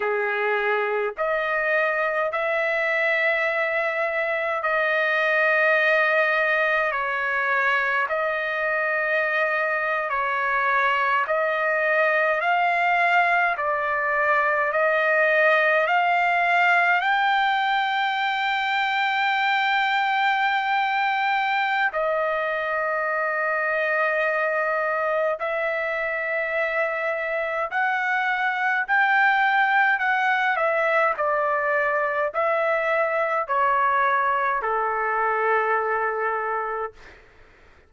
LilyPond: \new Staff \with { instrumentName = "trumpet" } { \time 4/4 \tempo 4 = 52 gis'4 dis''4 e''2 | dis''2 cis''4 dis''4~ | dis''8. cis''4 dis''4 f''4 d''16~ | d''8. dis''4 f''4 g''4~ g''16~ |
g''2. dis''4~ | dis''2 e''2 | fis''4 g''4 fis''8 e''8 d''4 | e''4 cis''4 a'2 | }